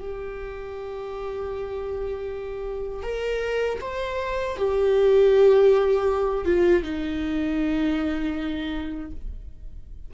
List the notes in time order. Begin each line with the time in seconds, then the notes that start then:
0.00 G4
3.03 A#4
3.81 C5
4.57 G4
6.46 F4
6.83 D#4